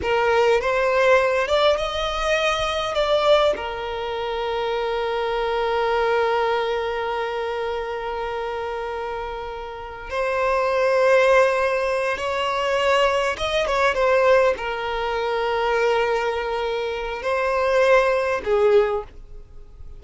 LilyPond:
\new Staff \with { instrumentName = "violin" } { \time 4/4 \tempo 4 = 101 ais'4 c''4. d''8 dis''4~ | dis''4 d''4 ais'2~ | ais'1~ | ais'1~ |
ais'4 c''2.~ | c''8 cis''2 dis''8 cis''8 c''8~ | c''8 ais'2.~ ais'8~ | ais'4 c''2 gis'4 | }